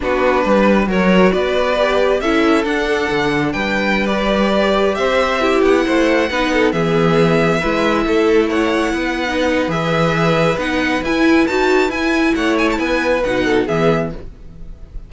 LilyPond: <<
  \new Staff \with { instrumentName = "violin" } { \time 4/4 \tempo 4 = 136 b'2 cis''4 d''4~ | d''4 e''4 fis''2 | g''4~ g''16 d''2 e''8.~ | e''8. fis''2~ fis''8 e''8.~ |
e''2.~ e''16 fis''8.~ | fis''2 e''2 | fis''4 gis''4 a''4 gis''4 | fis''8 gis''16 a''16 gis''4 fis''4 e''4 | }
  \new Staff \with { instrumentName = "violin" } { \time 4/4 fis'4 b'4 ais'4 b'4~ | b'4 a'2. | b'2.~ b'16 c''8.~ | c''16 g'4 c''4 b'8 a'8 gis'8.~ |
gis'4~ gis'16 b'4 a'4 cis''8.~ | cis''16 b'2.~ b'8.~ | b'1 | cis''4 b'4. a'8 gis'4 | }
  \new Staff \with { instrumentName = "viola" } { \time 4/4 d'2 fis'2 | g'4 e'4 d'2~ | d'4~ d'16 g'2~ g'8.~ | g'16 e'2 dis'4 b8.~ |
b4~ b16 e'2~ e'8.~ | e'4 dis'4 gis'2 | dis'4 e'4 fis'4 e'4~ | e'2 dis'4 b4 | }
  \new Staff \with { instrumentName = "cello" } { \time 4/4 b4 g4 fis4 b4~ | b4 cis'4 d'4 d4 | g2.~ g16 c'8.~ | c'8. b8 a4 b4 e8.~ |
e4~ e16 gis4 a4.~ a16~ | a16 b4.~ b16 e2 | b4 e'4 dis'4 e'4 | a4 b4 b,4 e4 | }
>>